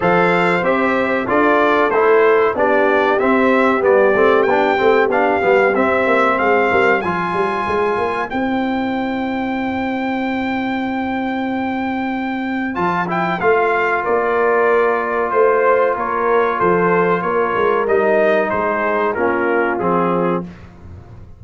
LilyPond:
<<
  \new Staff \with { instrumentName = "trumpet" } { \time 4/4 \tempo 4 = 94 f''4 e''4 d''4 c''4 | d''4 e''4 d''4 g''4 | f''4 e''4 f''4 gis''4~ | gis''4 g''2.~ |
g''1 | a''8 g''8 f''4 d''2 | c''4 cis''4 c''4 cis''4 | dis''4 c''4 ais'4 gis'4 | }
  \new Staff \with { instrumentName = "horn" } { \time 4/4 c''2 a'2 | g'1~ | g'2 gis'8 ais'8 c''4~ | c''1~ |
c''1~ | c''2 ais'2 | c''4 ais'4 a'4 ais'4~ | ais'4 gis'4 f'2 | }
  \new Staff \with { instrumentName = "trombone" } { \time 4/4 a'4 g'4 f'4 e'4 | d'4 c'4 b8 c'8 d'8 c'8 | d'8 b8 c'2 f'4~ | f'4 e'2.~ |
e'1 | f'8 e'8 f'2.~ | f'1 | dis'2 cis'4 c'4 | }
  \new Staff \with { instrumentName = "tuba" } { \time 4/4 f4 c'4 d'4 a4 | b4 c'4 g8 a8 b8 a8 | b8 g8 c'8 ais8 gis8 g8 f8 g8 | gis8 ais8 c'2.~ |
c'1 | f4 a4 ais2 | a4 ais4 f4 ais8 gis8 | g4 gis4 ais4 f4 | }
>>